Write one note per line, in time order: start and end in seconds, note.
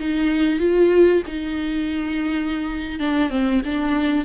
0.00 0.60 D#4
0.60 1.23 F4
1.27 3.00 D#4
3.00 3.30 D4
3.30 3.62 C4
3.65 4.25 D4